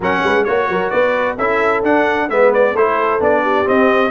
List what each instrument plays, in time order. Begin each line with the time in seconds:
0.00 tuba F#3, trombone C#4, horn A#4, trumpet F#5
0.23 tuba G#3, horn B4
0.44 tuba A#3, trombone F#4, trumpet C#5, horn C#5
0.68 tuba F#3, horn A#4
0.89 tuba B3, horn B4, trumpet D5
1.36 tuba C#4, trombone E4, horn A4, trumpet E5
1.83 tuba D4, trombone D4, trumpet F#5
2.28 tuba G#3, trombone B3, horn B4, trumpet E5
2.53 trumpet D5
2.74 tuba A3, trombone E4, horn A4, trumpet C5
3.20 tuba B3, trombone D4, trumpet D5
3.42 horn G4
3.65 trombone C4, tuba C4, trumpet D#5